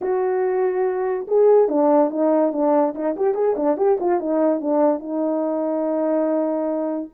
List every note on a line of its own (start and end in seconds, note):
0.01 1.26 F#4
1.27 1.68 G#4
1.68 2.10 D4
2.10 2.52 D#4
2.52 2.94 D4
2.94 3.15 D#4
3.16 3.34 G4
3.34 3.55 G#4
3.56 3.77 D4
3.77 3.98 G4
4.00 4.20 F4
4.20 4.60 D#4
4.60 4.99 D4
4.99 7.09 D#4